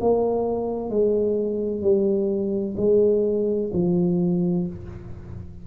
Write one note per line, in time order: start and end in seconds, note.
0.00 0.89 A#3
0.89 1.82 G#3
1.82 2.75 G3
2.77 3.70 G#3
3.73 4.67 F3